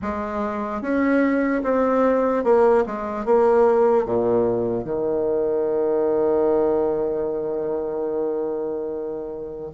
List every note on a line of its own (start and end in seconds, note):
0.02 0.81 G#3
0.81 1.62 C#4
1.63 2.43 C4
2.43 2.84 A#3
2.86 3.25 G#3
3.25 4.05 A#3
4.05 4.84 A#2
4.84 9.70 D#3